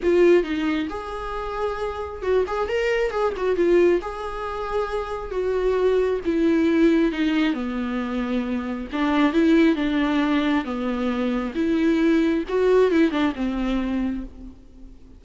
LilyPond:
\new Staff \with { instrumentName = "viola" } { \time 4/4 \tempo 4 = 135 f'4 dis'4 gis'2~ | gis'4 fis'8 gis'8 ais'4 gis'8 fis'8 | f'4 gis'2. | fis'2 e'2 |
dis'4 b2. | d'4 e'4 d'2 | b2 e'2 | fis'4 e'8 d'8 c'2 | }